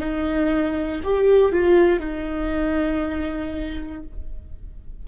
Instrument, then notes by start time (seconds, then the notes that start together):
viola
0.00 D#4
1.04 G4
1.52 F4
2.00 D#4